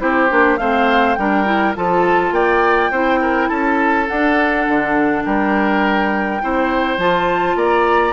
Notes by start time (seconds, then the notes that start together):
0.00 C4 E4 G4 C5
0.29 A#3 D4
0.58 A3 C4 C5 F5
1.15 G3 D4 A#4 G5
1.45 E4
1.76 F3 F4 A4 A5
2.32 A#3 D5 G5
2.92 C4 E4 C5
3.21 A#4
3.49 C#4 A4 A5
4.08 D4 F#5
4.68 D3
5.25 G3 A#4 G5
6.42 C4 E4 C5
6.98 F3 F4 A5
7.56 A#3 D5 A#5